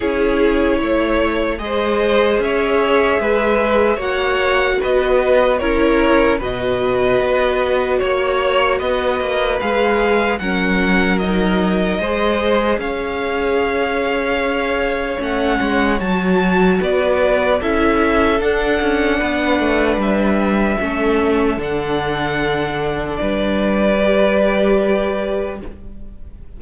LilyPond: <<
  \new Staff \with { instrumentName = "violin" } { \time 4/4 \tempo 4 = 75 cis''2 dis''4 e''4~ | e''4 fis''4 dis''4 cis''4 | dis''2 cis''4 dis''4 | f''4 fis''4 dis''2 |
f''2. fis''4 | a''4 d''4 e''4 fis''4~ | fis''4 e''2 fis''4~ | fis''4 d''2. | }
  \new Staff \with { instrumentName = "violin" } { \time 4/4 gis'4 cis''4 c''4 cis''4 | b'4 cis''4 b'4 ais'4 | b'2 cis''4 b'4~ | b'4 ais'2 c''4 |
cis''1~ | cis''4 b'4 a'2 | b'2 a'2~ | a'4 b'2. | }
  \new Staff \with { instrumentName = "viola" } { \time 4/4 e'2 gis'2~ | gis'4 fis'2 e'4 | fis'1 | gis'4 cis'4 dis'4 gis'4~ |
gis'2. cis'4 | fis'2 e'4 d'4~ | d'2 cis'4 d'4~ | d'2 g'2 | }
  \new Staff \with { instrumentName = "cello" } { \time 4/4 cis'4 a4 gis4 cis'4 | gis4 ais4 b4 cis'4 | b,4 b4 ais4 b8 ais8 | gis4 fis2 gis4 |
cis'2. a8 gis8 | fis4 b4 cis'4 d'8 cis'8 | b8 a8 g4 a4 d4~ | d4 g2. | }
>>